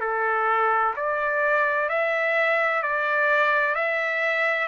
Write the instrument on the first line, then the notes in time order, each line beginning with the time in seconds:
trumpet
0.00 A4
0.96 D5
1.89 E5
2.82 D5
3.75 E5